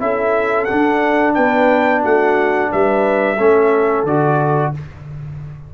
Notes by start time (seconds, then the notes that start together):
0.00 C#4 E4 A4 E5
0.65 D4 F#5
1.35 B3 B4 G5
2.03 A3 F#4 F#5
2.72 G3 B4 E5
3.38 A3 C#4 A4
4.04 D3 F#4 D5